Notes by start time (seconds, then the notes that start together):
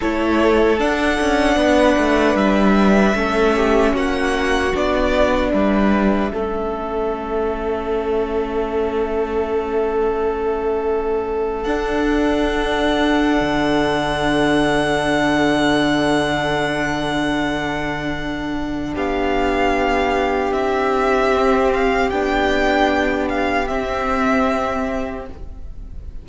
0.00 A3 E4 A4 C#5
0.78 D4 F#5
1.20 C#4
1.56 B3 B4
1.97 A3
2.34 G3 E5
3.14 A3 C#4 A4
3.55 G4
3.93 A#3 F#4 F#5
4.73 B3 D4 D5
5.51 G3 B4 E5
6.31 A3 C#4 A4
11.63 D4 F#5
13.40 D3
18.94 B3 G4 F5
20.51 C4 E5
21.33 C4
21.73 F5
22.10 B3 D4 G5
23.28 F5
23.67 C4 E5